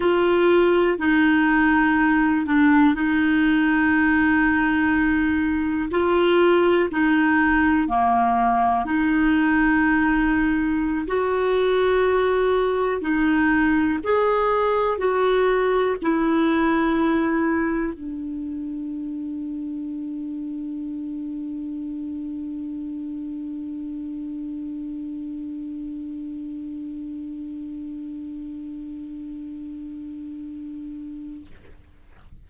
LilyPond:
\new Staff \with { instrumentName = "clarinet" } { \time 4/4 \tempo 4 = 61 f'4 dis'4. d'8 dis'4~ | dis'2 f'4 dis'4 | ais4 dis'2~ dis'16 fis'8.~ | fis'4~ fis'16 dis'4 gis'4 fis'8.~ |
fis'16 e'2 d'4.~ d'16~ | d'1~ | d'1~ | d'1 | }